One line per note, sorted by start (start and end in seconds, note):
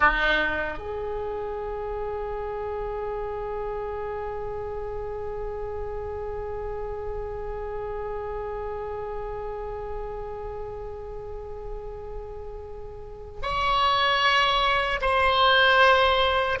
0.00 0.78 D#4
0.78 13.41 G#4
13.42 15.00 C#5
15.01 16.59 C5